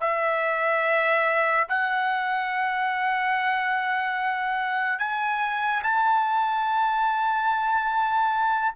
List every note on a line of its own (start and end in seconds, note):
0.00 1.67 E5
1.68 4.98 F#5
4.98 5.82 G#5
5.83 8.74 A5